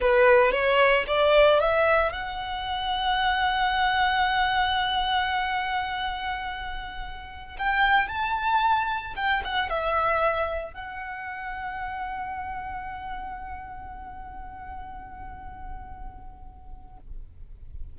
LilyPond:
\new Staff \with { instrumentName = "violin" } { \time 4/4 \tempo 4 = 113 b'4 cis''4 d''4 e''4 | fis''1~ | fis''1~ | fis''2~ fis''16 g''4 a''8.~ |
a''4~ a''16 g''8 fis''8 e''4.~ e''16~ | e''16 fis''2.~ fis''8.~ | fis''1~ | fis''1 | }